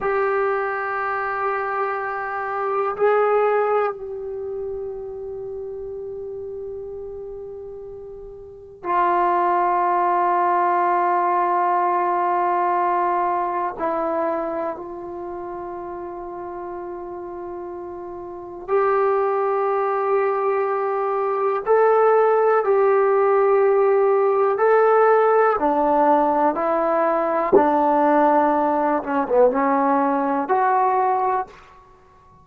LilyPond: \new Staff \with { instrumentName = "trombone" } { \time 4/4 \tempo 4 = 61 g'2. gis'4 | g'1~ | g'4 f'2.~ | f'2 e'4 f'4~ |
f'2. g'4~ | g'2 a'4 g'4~ | g'4 a'4 d'4 e'4 | d'4. cis'16 b16 cis'4 fis'4 | }